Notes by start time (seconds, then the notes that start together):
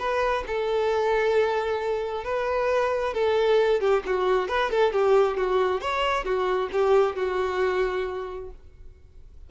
0.00 B4
0.48 A4
2.25 B4
3.14 A4
3.81 G4
4.06 F#4
4.49 B4
4.71 A4
4.93 G4
5.38 F#4
5.81 C#5
6.25 F#4
6.73 G4
7.16 F#4